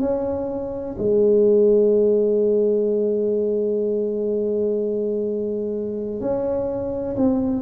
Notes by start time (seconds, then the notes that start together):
0.00 C#4
0.98 G#3
6.20 C#4
7.16 C4